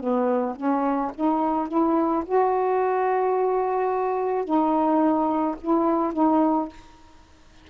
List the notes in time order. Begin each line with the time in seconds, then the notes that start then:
0.00 B3
0.56 C#4
1.15 D#4
1.69 E4
2.26 F#4
4.44 D#4
5.61 E4
6.14 D#4